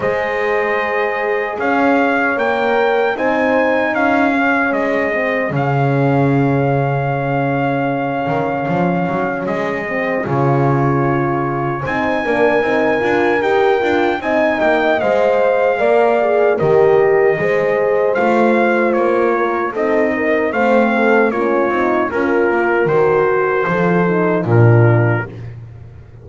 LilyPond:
<<
  \new Staff \with { instrumentName = "trumpet" } { \time 4/4 \tempo 4 = 76 dis''2 f''4 g''4 | gis''4 f''4 dis''4 f''4~ | f''1 | dis''4 cis''2 gis''4~ |
gis''4 g''4 gis''8 g''8 f''4~ | f''4 dis''2 f''4 | cis''4 dis''4 f''4 cis''4 | ais'4 c''2 ais'4 | }
  \new Staff \with { instrumentName = "horn" } { \time 4/4 c''2 cis''2 | c''4 gis'2.~ | gis'1~ | gis'2. c''8 ais'8~ |
ais'2 dis''2 | d''4 ais'4 c''2~ | c''8 ais'8 a'8 ais'8 c''8 a'8 f'4 | ais'2 a'4 f'4 | }
  \new Staff \with { instrumentName = "horn" } { \time 4/4 gis'2. ais'4 | dis'4. cis'4 c'8 cis'4~ | cis'1~ | cis'8 c'8 f'2 dis'8 d'8 |
dis'8 f'8 g'8 f'8 dis'4 c''4 | ais'8 gis'8 g'4 gis'4 f'4~ | f'4 dis'4 c'4 cis'8 dis'8 | f'4 fis'4 f'8 dis'8 d'4 | }
  \new Staff \with { instrumentName = "double bass" } { \time 4/4 gis2 cis'4 ais4 | c'4 cis'4 gis4 cis4~ | cis2~ cis8 dis8 f8 fis8 | gis4 cis2 c'8 ais8 |
c'8 d'8 dis'8 d'8 c'8 ais8 gis4 | ais4 dis4 gis4 a4 | ais4 c'4 a4 ais8 c'8 | cis'8 ais8 dis4 f4 ais,4 | }
>>